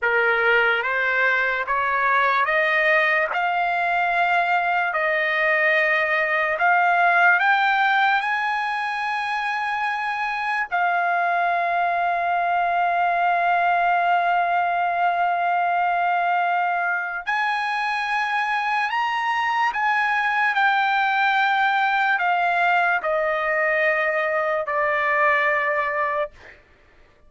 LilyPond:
\new Staff \with { instrumentName = "trumpet" } { \time 4/4 \tempo 4 = 73 ais'4 c''4 cis''4 dis''4 | f''2 dis''2 | f''4 g''4 gis''2~ | gis''4 f''2.~ |
f''1~ | f''4 gis''2 ais''4 | gis''4 g''2 f''4 | dis''2 d''2 | }